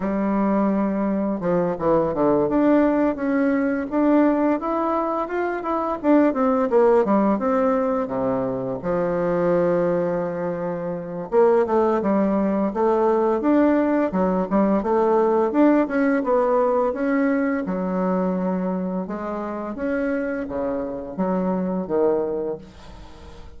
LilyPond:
\new Staff \with { instrumentName = "bassoon" } { \time 4/4 \tempo 4 = 85 g2 f8 e8 d8 d'8~ | d'8 cis'4 d'4 e'4 f'8 | e'8 d'8 c'8 ais8 g8 c'4 c8~ | c8 f2.~ f8 |
ais8 a8 g4 a4 d'4 | fis8 g8 a4 d'8 cis'8 b4 | cis'4 fis2 gis4 | cis'4 cis4 fis4 dis4 | }